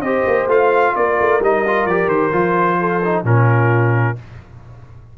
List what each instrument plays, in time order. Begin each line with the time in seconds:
0.00 tuba C4, trombone G4, horn C5, trumpet D#5
0.27 tuba A#3
0.47 tuba A3, trombone F4, trumpet F5
0.95 tuba A#3, horn A#4, trumpet D5
1.20 tuba A3
1.40 tuba G3, trombone D#4, trumpet D#5
1.66 trombone F4
1.85 tuba F3, trombone G4, trumpet D5
2.06 tuba D#3, trumpet C5
2.32 tuba F3, trombone F4
2.79 horn A4
3.04 trombone D#4
3.23 tuba A#2, trombone C#4, horn F4, trumpet A#4